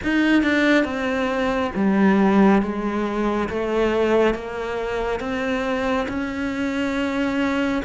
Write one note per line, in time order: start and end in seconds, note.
0.03 0.43 D#4
0.43 0.84 D4
0.84 1.71 C4
1.75 2.62 G3
2.62 3.49 G#3
3.49 4.34 A3
4.34 5.20 A#3
5.20 6.07 C4
6.08 7.82 C#4